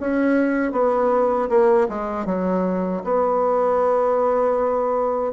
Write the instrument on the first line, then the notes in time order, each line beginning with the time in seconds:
bassoon
0.00 C#4
0.72 B3
1.49 A#3
1.89 G#3
2.26 F#3
3.04 B3